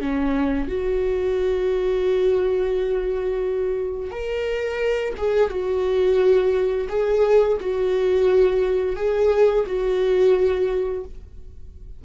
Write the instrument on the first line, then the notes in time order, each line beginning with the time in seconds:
viola
0.00 C#4
0.68 F#4
4.10 A#4
5.17 G#4
5.50 F#4
6.89 G#4
7.60 F#4
8.96 G#4
9.66 F#4